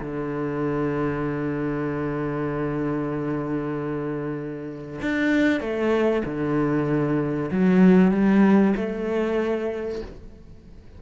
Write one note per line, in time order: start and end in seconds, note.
0.00 5.00 D3
5.01 5.60 D4
5.60 6.22 A3
6.25 7.50 D3
7.51 8.11 F#3
8.11 8.73 G3
8.76 10.01 A3